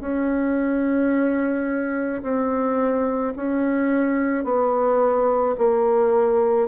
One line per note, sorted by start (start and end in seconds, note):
0.00 2.22 C#4
2.22 3.33 C4
3.36 4.44 C#4
4.44 5.55 B3
5.58 6.68 A#3